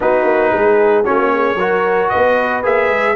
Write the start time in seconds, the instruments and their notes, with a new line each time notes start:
0.00 tuba B3, trombone D#4, horn F#4, trumpet B4
0.24 tuba A#3
0.51 tuba G#3, horn G#4
1.04 tuba A#3, trombone C#4, horn F#4, trumpet C#5
1.34 horn G#4
1.54 tuba F#3, trombone F#4, horn A#4
2.09 tuba B3, horn B4, trumpet D#5
2.63 tuba A#3, trombone G#4, trumpet E5
2.89 tuba G#3